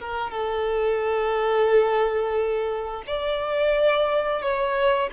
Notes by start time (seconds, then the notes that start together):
0.00 A#4
0.31 A4
3.07 D5
4.42 C#5